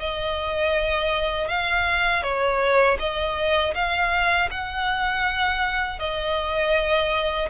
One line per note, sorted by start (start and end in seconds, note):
0.00 1.49 D#5
1.49 2.23 F5
2.23 2.98 C#5
2.99 3.74 D#5
3.75 4.50 F5
4.51 5.99 F#5
5.99 7.49 D#5